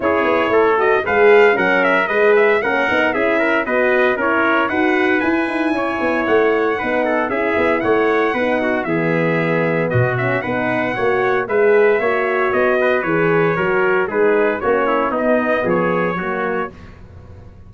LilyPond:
<<
  \new Staff \with { instrumentName = "trumpet" } { \time 4/4 \tempo 4 = 115 cis''4. dis''8 f''4 fis''8 e''8 | dis''8 e''8 fis''4 e''4 dis''4 | cis''4 fis''4 gis''2 | fis''2 e''4 fis''4~ |
fis''4 e''2 dis''8 e''8 | fis''2 e''2 | dis''4 cis''2 b'4 | cis''4 dis''4 cis''2 | }
  \new Staff \with { instrumentName = "trumpet" } { \time 4/4 gis'4 a'4 b'4 ais'4 | b'4 ais'4 gis'8 ais'8 b'4 | ais'4 b'2 cis''4~ | cis''4 b'8 a'8 gis'4 cis''4 |
b'8 fis'8 gis'2 fis'4 | b'4 cis''4 b'4 cis''4~ | cis''8 b'4. ais'4 gis'4 | fis'8 e'8 dis'4 gis'4 fis'4 | }
  \new Staff \with { instrumentName = "horn" } { \time 4/4 e'4. fis'8 gis'4 cis'4 | gis'4 cis'8 dis'8 e'4 fis'4 | e'4 fis'4 e'2~ | e'4 dis'4 e'2 |
dis'4 b2~ b8 cis'8 | dis'4 fis'4 gis'4 fis'4~ | fis'4 gis'4 fis'4 dis'4 | cis'4 b2 ais4 | }
  \new Staff \with { instrumentName = "tuba" } { \time 4/4 cis'8 b8 a4 gis4 fis4 | gis4 ais8 b8 cis'4 b4 | cis'4 dis'4 e'8 dis'8 cis'8 b8 | a4 b4 cis'8 b8 a4 |
b4 e2 b,4 | b4 ais4 gis4 ais4 | b4 e4 fis4 gis4 | ais4 b4 f4 fis4 | }
>>